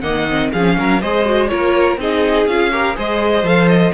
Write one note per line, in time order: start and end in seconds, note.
0.00 0.51 D#3
0.00 0.27 A#3
0.00 0.51 D#5
0.00 0.49 F#5
0.30 0.54 C4
0.52 0.78 F3
0.52 1.01 C#4
0.52 0.77 G#4
0.52 1.01 F5
0.78 1.02 F#3
0.78 1.01 A#4
1.01 1.51 G#3
1.01 1.24 G#4
1.01 1.50 C5
1.01 1.48 D#5
1.24 1.49 F#4
1.48 1.97 A#3
1.48 1.98 F4
1.48 2.00 A#4
1.48 1.96 C#5
1.97 2.46 C4
1.97 2.48 D#4
1.97 2.72 G#4
1.97 2.47 D#5
2.46 2.95 C#4
2.46 2.71 F4
2.46 2.96 F5
2.71 2.95 G4
2.71 2.96 A#4
2.95 3.43 G#3
2.95 3.43 G#4
2.95 3.94 C5
2.95 3.46 D#5
3.43 3.91 F3
3.43 3.93 A4
3.43 3.68 F5
3.68 3.92 D#5